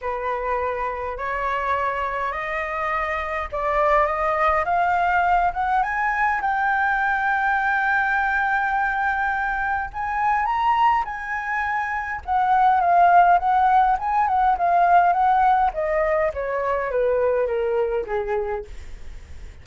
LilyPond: \new Staff \with { instrumentName = "flute" } { \time 4/4 \tempo 4 = 103 b'2 cis''2 | dis''2 d''4 dis''4 | f''4. fis''8 gis''4 g''4~ | g''1~ |
g''4 gis''4 ais''4 gis''4~ | gis''4 fis''4 f''4 fis''4 | gis''8 fis''8 f''4 fis''4 dis''4 | cis''4 b'4 ais'4 gis'4 | }